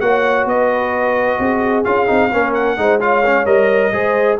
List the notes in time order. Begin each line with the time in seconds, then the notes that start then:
0.00 A#3 F#4 C#5 F#5
0.45 B3 B4 D#5
1.39 C4 G#4
1.84 C#4 F4 F5
2.06 C4 D#4
2.32 A#3 C#4 A#4
2.54 F#5
2.77 G#3 D#4 C5
3.00 F4 C#5 F5
3.26 C#4
3.46 G3 A#4 D#5
3.92 G#3 G#4 C5